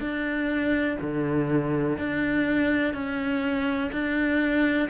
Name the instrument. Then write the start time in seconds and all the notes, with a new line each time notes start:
cello
0.00 D4
1.01 D3
1.98 D4
2.93 C#4
3.91 D4